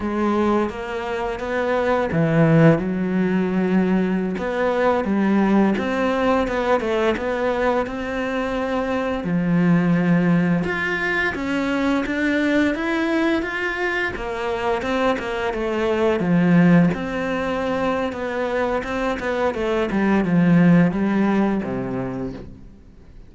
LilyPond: \new Staff \with { instrumentName = "cello" } { \time 4/4 \tempo 4 = 86 gis4 ais4 b4 e4 | fis2~ fis16 b4 g8.~ | g16 c'4 b8 a8 b4 c'8.~ | c'4~ c'16 f2 f'8.~ |
f'16 cis'4 d'4 e'4 f'8.~ | f'16 ais4 c'8 ais8 a4 f8.~ | f16 c'4.~ c'16 b4 c'8 b8 | a8 g8 f4 g4 c4 | }